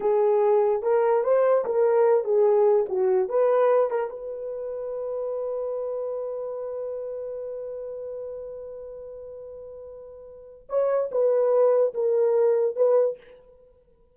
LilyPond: \new Staff \with { instrumentName = "horn" } { \time 4/4 \tempo 4 = 146 gis'2 ais'4 c''4 | ais'4. gis'4. fis'4 | b'4. ais'8 b'2~ | b'1~ |
b'1~ | b'1~ | b'2 cis''4 b'4~ | b'4 ais'2 b'4 | }